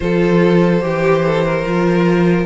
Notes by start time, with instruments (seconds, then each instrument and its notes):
0.00 cello F3, viola F4, violin A4 C5
0.80 cello E3, viola G4, violin G4
1.25 violin A4
1.45 violin A#4
1.65 cello F3, viola F4